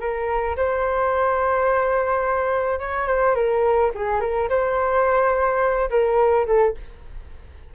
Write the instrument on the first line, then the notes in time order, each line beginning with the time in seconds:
flute
0.00 A#4
0.57 C5
2.79 C#5
3.07 C5
3.35 A#4
3.95 G#4
4.21 A#4
4.49 C5
5.90 A#4
6.46 A4